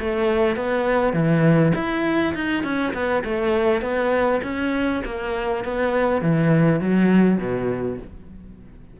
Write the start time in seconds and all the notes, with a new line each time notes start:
0.00 A3
0.56 B3
1.13 E3
1.75 E4
2.35 D#4
2.64 C#4
2.94 B3
3.25 A3
3.82 B3
4.44 C#4
5.05 A#3
5.65 B3
6.22 E3
6.81 F#3
7.39 B2